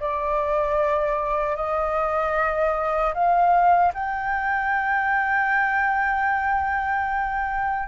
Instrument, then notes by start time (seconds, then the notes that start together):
flute
0.00 D5
1.56 D#5
3.14 F5
3.94 G5